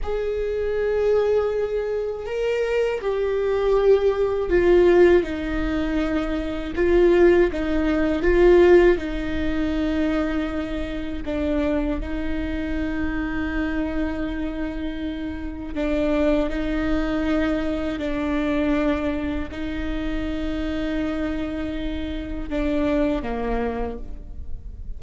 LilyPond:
\new Staff \with { instrumentName = "viola" } { \time 4/4 \tempo 4 = 80 gis'2. ais'4 | g'2 f'4 dis'4~ | dis'4 f'4 dis'4 f'4 | dis'2. d'4 |
dis'1~ | dis'4 d'4 dis'2 | d'2 dis'2~ | dis'2 d'4 ais4 | }